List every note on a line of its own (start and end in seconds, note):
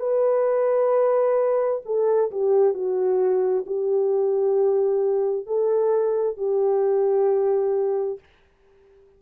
0.00 1.82 B4
1.86 2.31 A4
2.31 2.74 G4
2.74 3.65 F#4
3.67 5.47 G4
5.47 6.38 A4
6.38 8.19 G4